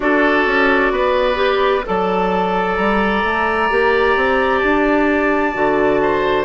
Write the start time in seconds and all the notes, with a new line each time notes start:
0.00 D4 F#4 A4 D5
0.46 C#4
0.91 B3 B4
1.35 G4
1.85 F#3 A4 D5 A5
2.76 G3 A#5
3.23 A3
3.69 A#3 G4
4.16 C4
4.58 D4 A5
5.53 D3 F#4
6.02 C5